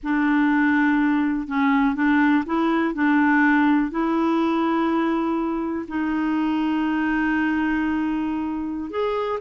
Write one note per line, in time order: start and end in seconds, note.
0.03 1.47 D4
1.47 1.95 C#4
1.95 2.44 D4
2.45 2.94 E4
2.94 3.90 D4
3.90 5.85 E4
5.88 8.90 D#4
8.90 9.39 G#4